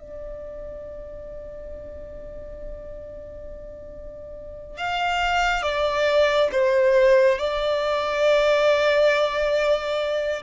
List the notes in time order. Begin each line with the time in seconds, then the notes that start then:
0.00 D5
4.77 F5
5.63 D5
6.52 C5
7.38 D5